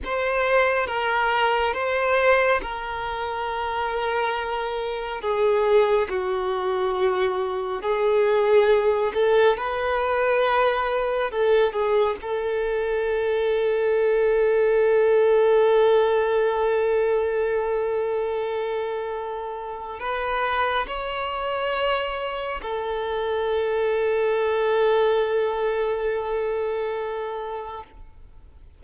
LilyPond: \new Staff \with { instrumentName = "violin" } { \time 4/4 \tempo 4 = 69 c''4 ais'4 c''4 ais'4~ | ais'2 gis'4 fis'4~ | fis'4 gis'4. a'8 b'4~ | b'4 a'8 gis'8 a'2~ |
a'1~ | a'2. b'4 | cis''2 a'2~ | a'1 | }